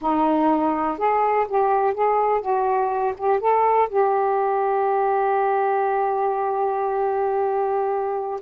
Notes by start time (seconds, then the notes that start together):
0.01 D#4
0.98 G#4
1.48 G4
1.94 G#4
2.41 F#4
3.17 G4
3.39 A4
3.89 G4